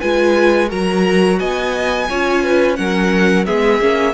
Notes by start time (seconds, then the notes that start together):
0.00 G#3 F4 B4 G#5
0.68 F#3 F#4 A#4 A#5
1.39 B3 D#5 G#5
2.09 C#4 F4 C#5
2.43 B4
2.76 F#3 C#4 A#4 F#5
3.45 G#3 B3 G#4 E5
3.80 A#3 C#4